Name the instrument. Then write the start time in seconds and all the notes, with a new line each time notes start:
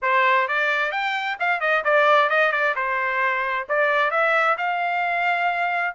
trumpet
0.02 C5
0.47 D5
0.91 G5
1.39 F5
1.60 D#5
1.84 D5
2.29 D#5
2.52 D5
2.75 C5
3.68 D5
4.10 E5
4.57 F5